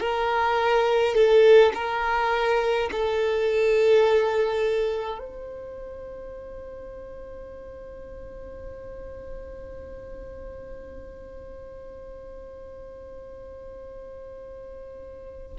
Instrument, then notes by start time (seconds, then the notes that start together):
violin
0.00 A#4
1.15 A4
1.75 A#4
2.92 A4
5.19 C5